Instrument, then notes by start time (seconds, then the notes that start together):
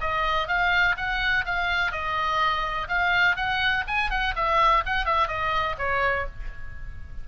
oboe
0.00 D#5
0.48 F5
0.97 F#5
1.45 F5
1.92 D#5
2.88 F5
3.36 F#5
3.87 G#5
4.10 F#5
4.35 E5
4.85 F#5
5.05 E5
5.27 D#5
5.78 C#5